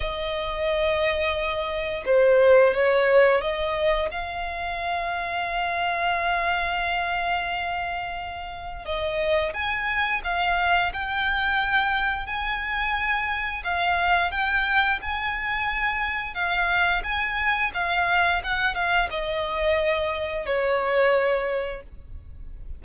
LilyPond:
\new Staff \with { instrumentName = "violin" } { \time 4/4 \tempo 4 = 88 dis''2. c''4 | cis''4 dis''4 f''2~ | f''1~ | f''4 dis''4 gis''4 f''4 |
g''2 gis''2 | f''4 g''4 gis''2 | f''4 gis''4 f''4 fis''8 f''8 | dis''2 cis''2 | }